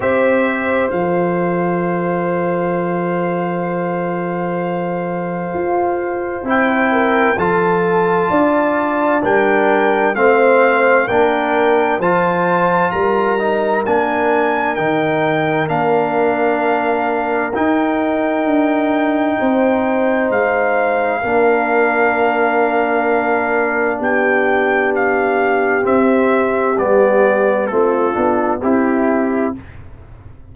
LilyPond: <<
  \new Staff \with { instrumentName = "trumpet" } { \time 4/4 \tempo 4 = 65 e''4 f''2.~ | f''2. g''4 | a''2 g''4 f''4 | g''4 a''4 ais''4 gis''4 |
g''4 f''2 g''4~ | g''2 f''2~ | f''2 g''4 f''4 | e''4 d''4 a'4 g'4 | }
  \new Staff \with { instrumentName = "horn" } { \time 4/4 c''1~ | c''2.~ c''8 ais'8 | a'4 d''4 ais'4 c''4 | ais'4 c''4 ais'2~ |
ais'1~ | ais'4 c''2 ais'4~ | ais'2 g'2~ | g'2 f'4 e'4 | }
  \new Staff \with { instrumentName = "trombone" } { \time 4/4 g'4 a'2.~ | a'2. e'4 | f'2 d'4 c'4 | d'4 f'4. dis'8 d'4 |
dis'4 d'2 dis'4~ | dis'2. d'4~ | d'1 | c'4 b4 c'8 d'8 e'4 | }
  \new Staff \with { instrumentName = "tuba" } { \time 4/4 c'4 f2.~ | f2 f'4 c'4 | f4 d'4 g4 a4 | ais4 f4 g4 ais4 |
dis4 ais2 dis'4 | d'4 c'4 gis4 ais4~ | ais2 b2 | c'4 g4 a8 b8 c'4 | }
>>